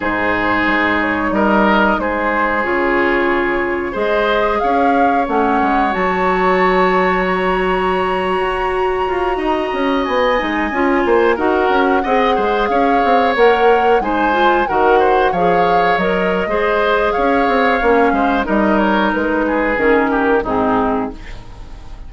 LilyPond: <<
  \new Staff \with { instrumentName = "flute" } { \time 4/4 \tempo 4 = 91 c''4. cis''8 dis''4 c''4 | cis''2 dis''4 f''4 | fis''4 a''2 ais''4~ | ais''2.~ ais''16 gis''8.~ |
gis''4~ gis''16 fis''2 f''8.~ | f''16 fis''4 gis''4 fis''4 f''8.~ | f''16 dis''4.~ dis''16 f''2 | dis''8 cis''8 b'4 ais'4 gis'4 | }
  \new Staff \with { instrumentName = "oboe" } { \time 4/4 gis'2 ais'4 gis'4~ | gis'2 c''4 cis''4~ | cis''1~ | cis''2~ cis''16 dis''4.~ dis''16~ |
dis''8. c''8 ais'4 dis''8 c''8 cis''8.~ | cis''4~ cis''16 c''4 ais'8 c''8 cis''8.~ | cis''4 c''4 cis''4. c''8 | ais'4. gis'4 g'8 dis'4 | }
  \new Staff \with { instrumentName = "clarinet" } { \time 4/4 dis'1 | f'2 gis'2 | cis'4 fis'2.~ | fis'2.~ fis'8. dis'16~ |
dis'16 f'4 fis'4 gis'4.~ gis'16~ | gis'16 ais'4 dis'8 f'8 fis'4 gis'8.~ | gis'16 ais'8. gis'2 cis'4 | dis'2 cis'4 c'4 | }
  \new Staff \with { instrumentName = "bassoon" } { \time 4/4 gis,4 gis4 g4 gis4 | cis2 gis4 cis'4 | a8 gis8 fis2.~ | fis8. fis'4 f'8 dis'8 cis'8 b8 gis16~ |
gis16 cis'8 ais8 dis'8 cis'8 c'8 gis8 cis'8 c'16~ | c'16 ais4 gis4 dis4 f8.~ | f16 fis8. gis4 cis'8 c'8 ais8 gis8 | g4 gis4 dis4 gis,4 | }
>>